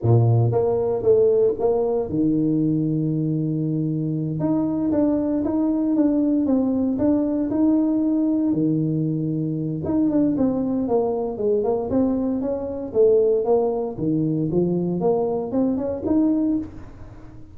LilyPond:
\new Staff \with { instrumentName = "tuba" } { \time 4/4 \tempo 4 = 116 ais,4 ais4 a4 ais4 | dis1~ | dis8 dis'4 d'4 dis'4 d'8~ | d'8 c'4 d'4 dis'4.~ |
dis'8 dis2~ dis8 dis'8 d'8 | c'4 ais4 gis8 ais8 c'4 | cis'4 a4 ais4 dis4 | f4 ais4 c'8 cis'8 dis'4 | }